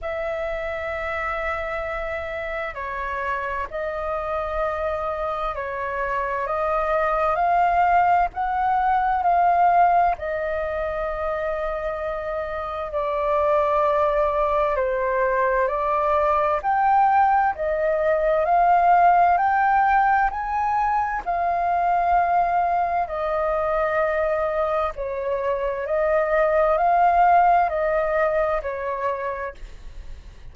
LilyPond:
\new Staff \with { instrumentName = "flute" } { \time 4/4 \tempo 4 = 65 e''2. cis''4 | dis''2 cis''4 dis''4 | f''4 fis''4 f''4 dis''4~ | dis''2 d''2 |
c''4 d''4 g''4 dis''4 | f''4 g''4 gis''4 f''4~ | f''4 dis''2 cis''4 | dis''4 f''4 dis''4 cis''4 | }